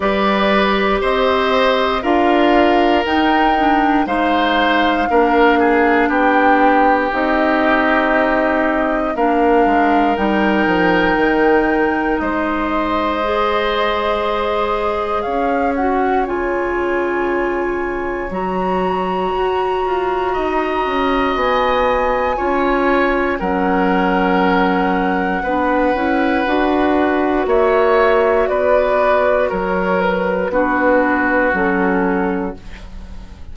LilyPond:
<<
  \new Staff \with { instrumentName = "flute" } { \time 4/4 \tempo 4 = 59 d''4 dis''4 f''4 g''4 | f''2 g''4 dis''4~ | dis''4 f''4 g''2 | dis''2. f''8 fis''8 |
gis''2 ais''2~ | ais''4 gis''2 fis''4~ | fis''2. e''4 | d''4 cis''8 b'4. a'4 | }
  \new Staff \with { instrumentName = "oboe" } { \time 4/4 b'4 c''4 ais'2 | c''4 ais'8 gis'8 g'2~ | g'4 ais'2. | c''2. cis''4~ |
cis''1 | dis''2 cis''4 ais'4~ | ais'4 b'2 cis''4 | b'4 ais'4 fis'2 | }
  \new Staff \with { instrumentName = "clarinet" } { \time 4/4 g'2 f'4 dis'8 d'8 | dis'4 d'2 dis'4~ | dis'4 d'4 dis'2~ | dis'4 gis'2~ gis'8 fis'8 |
f'2 fis'2~ | fis'2 f'4 cis'4~ | cis'4 d'8 e'8 fis'2~ | fis'2 d'4 cis'4 | }
  \new Staff \with { instrumentName = "bassoon" } { \time 4/4 g4 c'4 d'4 dis'4 | gis4 ais4 b4 c'4~ | c'4 ais8 gis8 g8 f8 dis4 | gis2. cis'4 |
cis2 fis4 fis'8 f'8 | dis'8 cis'8 b4 cis'4 fis4~ | fis4 b8 cis'8 d'4 ais4 | b4 fis4 b4 fis4 | }
>>